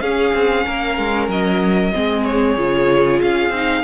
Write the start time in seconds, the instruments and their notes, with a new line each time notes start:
0.00 cello C#4, viola C#4, violin G#4 F5
0.34 cello C4
0.65 cello A#3, violin A#4
0.98 cello G#3
1.28 cello F#3, violin D#5
1.93 cello G#3, viola C4, violin G#4
2.24 violin C#5
2.57 cello C#3, viola F4
3.21 cello C#4, violin F5
3.49 cello C4, viola D#4